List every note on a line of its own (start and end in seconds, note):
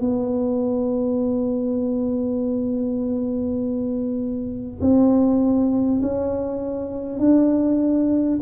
0.00 4.80 B3
4.81 6.01 C4
6.01 7.19 C#4
7.19 8.39 D4